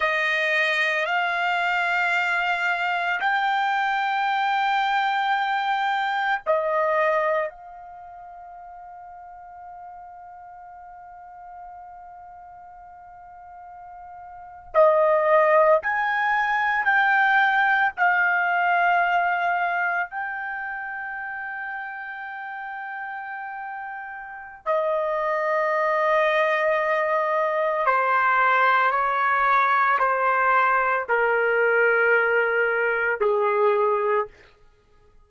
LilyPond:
\new Staff \with { instrumentName = "trumpet" } { \time 4/4 \tempo 4 = 56 dis''4 f''2 g''4~ | g''2 dis''4 f''4~ | f''1~ | f''4.~ f''16 dis''4 gis''4 g''16~ |
g''8. f''2 g''4~ g''16~ | g''2. dis''4~ | dis''2 c''4 cis''4 | c''4 ais'2 gis'4 | }